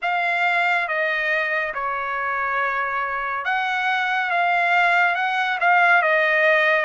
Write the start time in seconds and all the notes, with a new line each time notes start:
0.02 F5
0.88 D#5
1.74 C#5
3.44 F#5
4.30 F5
5.15 F#5
5.60 F5
6.02 D#5